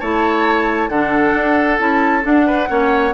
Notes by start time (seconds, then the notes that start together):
0.00 A3 E4 C#5 A5
0.89 D3 D4 A4 F#5
1.34 D4
1.79 C#4 E4 A5
2.23 D4 F#5
2.47 B4
2.69 A#3 C#4 C#5